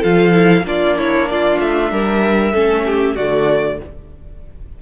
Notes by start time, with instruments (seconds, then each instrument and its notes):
0.00 cello F3, viola F4, violin A4 F5
0.33 viola E4
0.64 cello A#3, viola D4, violin F4 D5
0.98 violin E4 C#5
1.29 violin F4 D5
1.60 cello A3, violin E5
1.92 cello G3, violin A#4
2.53 cello A3, viola C#4, violin A4
2.86 violin G4
3.16 cello D3, viola A3, violin F#4 D5